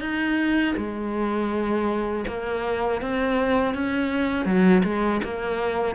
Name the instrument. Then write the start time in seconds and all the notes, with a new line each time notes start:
cello
0.00 D#4
0.76 G#3
2.27 A#3
3.01 C4
3.74 C#4
4.45 F#3
4.84 G#3
5.24 A#3